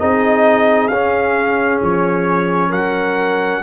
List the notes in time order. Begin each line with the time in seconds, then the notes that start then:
0.00 C4 D#4 G#4 D#5
0.88 C#4 F5
1.83 F3 C#5
2.70 F#3 A#4 F#5